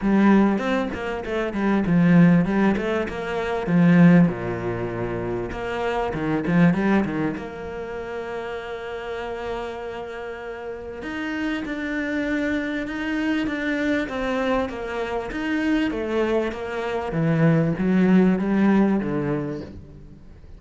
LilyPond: \new Staff \with { instrumentName = "cello" } { \time 4/4 \tempo 4 = 98 g4 c'8 ais8 a8 g8 f4 | g8 a8 ais4 f4 ais,4~ | ais,4 ais4 dis8 f8 g8 dis8 | ais1~ |
ais2 dis'4 d'4~ | d'4 dis'4 d'4 c'4 | ais4 dis'4 a4 ais4 | e4 fis4 g4 d4 | }